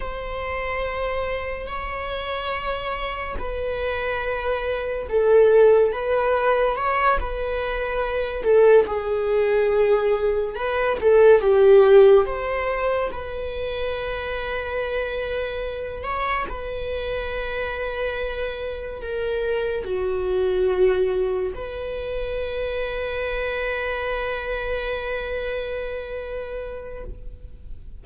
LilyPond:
\new Staff \with { instrumentName = "viola" } { \time 4/4 \tempo 4 = 71 c''2 cis''2 | b'2 a'4 b'4 | cis''8 b'4. a'8 gis'4.~ | gis'8 b'8 a'8 g'4 c''4 b'8~ |
b'2. cis''8 b'8~ | b'2~ b'8 ais'4 fis'8~ | fis'4. b'2~ b'8~ | b'1 | }